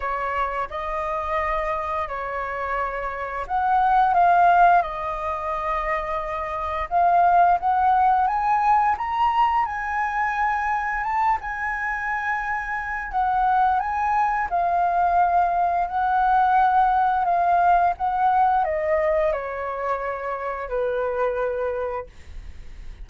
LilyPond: \new Staff \with { instrumentName = "flute" } { \time 4/4 \tempo 4 = 87 cis''4 dis''2 cis''4~ | cis''4 fis''4 f''4 dis''4~ | dis''2 f''4 fis''4 | gis''4 ais''4 gis''2 |
a''8 gis''2~ gis''8 fis''4 | gis''4 f''2 fis''4~ | fis''4 f''4 fis''4 dis''4 | cis''2 b'2 | }